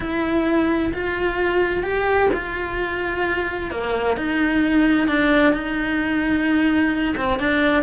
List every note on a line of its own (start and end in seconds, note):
0.00 0.92 E4
0.93 1.83 F4
1.83 2.29 G4
2.33 3.70 F4
3.70 4.16 A#3
4.16 5.07 D#4
5.07 5.53 D4
5.53 7.15 D#4
7.16 7.39 C4
7.39 7.82 D4